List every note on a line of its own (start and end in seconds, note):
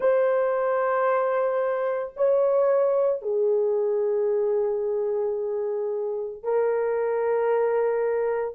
0.00 2.13 C5
2.16 3.21 C#5
3.21 6.43 G#4
6.43 8.54 A#4